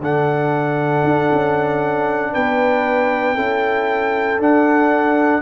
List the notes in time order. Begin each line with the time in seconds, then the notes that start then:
0.00 D3 D4 A4 F#5
1.04 D4
1.32 C#4
2.33 B3 B4 G5
3.35 C#4 E4 A4
4.39 D4 F#5